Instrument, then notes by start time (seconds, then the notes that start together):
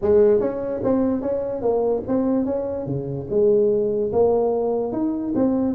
tuba
0.01 G#3
0.40 C#4
0.83 C4
1.21 C#4
1.61 A#3
2.07 C4
2.45 C#4
2.86 C#3
3.30 G#3
4.12 A#3
4.92 D#4
5.35 C4